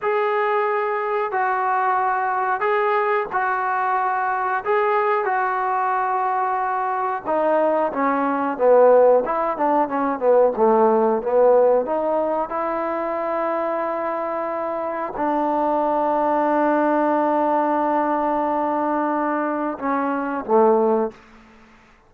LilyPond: \new Staff \with { instrumentName = "trombone" } { \time 4/4 \tempo 4 = 91 gis'2 fis'2 | gis'4 fis'2 gis'4 | fis'2. dis'4 | cis'4 b4 e'8 d'8 cis'8 b8 |
a4 b4 dis'4 e'4~ | e'2. d'4~ | d'1~ | d'2 cis'4 a4 | }